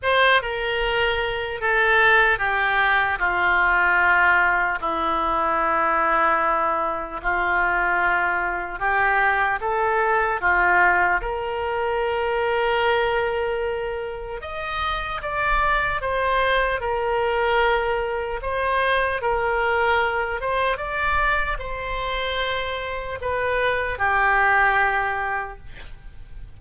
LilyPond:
\new Staff \with { instrumentName = "oboe" } { \time 4/4 \tempo 4 = 75 c''8 ais'4. a'4 g'4 | f'2 e'2~ | e'4 f'2 g'4 | a'4 f'4 ais'2~ |
ais'2 dis''4 d''4 | c''4 ais'2 c''4 | ais'4. c''8 d''4 c''4~ | c''4 b'4 g'2 | }